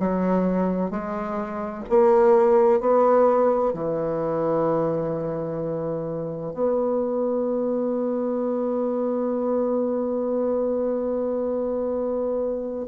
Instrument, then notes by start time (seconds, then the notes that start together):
bassoon
0.00 F#3
0.91 G#3
1.90 A#3
2.80 B3
3.74 E3
6.54 B3